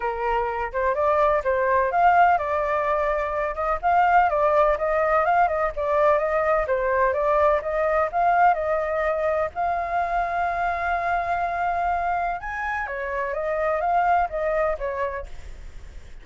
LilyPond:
\new Staff \with { instrumentName = "flute" } { \time 4/4 \tempo 4 = 126 ais'4. c''8 d''4 c''4 | f''4 d''2~ d''8 dis''8 | f''4 d''4 dis''4 f''8 dis''8 | d''4 dis''4 c''4 d''4 |
dis''4 f''4 dis''2 | f''1~ | f''2 gis''4 cis''4 | dis''4 f''4 dis''4 cis''4 | }